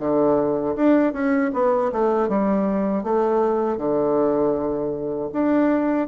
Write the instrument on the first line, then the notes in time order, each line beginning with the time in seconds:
bassoon
0.00 D3
0.76 D4
1.14 C#4
1.54 B3
1.93 A3
2.29 G3
3.03 A3
3.78 D3
5.33 D4